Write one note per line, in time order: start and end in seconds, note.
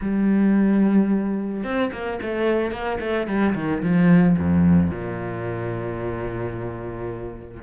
0.01 1.64 G3
1.64 1.91 C4
1.92 2.19 A#3
2.21 2.71 A3
2.71 2.99 A#3
3.00 3.27 A3
3.27 3.54 G3
3.54 3.82 D#3
3.82 4.36 F3
4.38 4.90 F2
4.90 7.62 A#2